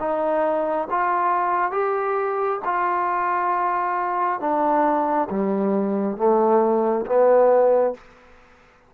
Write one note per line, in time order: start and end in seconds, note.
0.00 0.88 D#4
0.91 1.72 F4
1.72 2.60 G4
2.65 4.41 F4
4.41 5.29 D4
5.31 6.17 G3
6.17 7.05 A3
7.06 7.95 B3